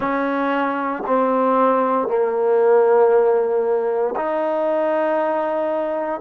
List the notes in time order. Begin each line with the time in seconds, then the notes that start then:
0.00 C#4
1.06 C4
2.07 A#3
4.16 D#4